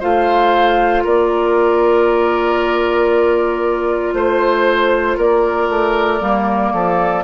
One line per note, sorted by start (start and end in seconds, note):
0.00 1.05 A3
0.00 6.22 F4
0.00 1.03 C5
0.00 1.05 F5
1.04 4.14 A#3
1.04 4.14 A#4
1.04 4.14 D5
4.14 5.17 A3
4.14 5.18 C5
5.18 5.69 A#3
5.18 6.73 A#4
5.18 7.24 D5
5.69 6.21 A3
6.22 6.73 G3
6.22 7.24 A#3
6.74 7.24 F3
6.74 7.24 A4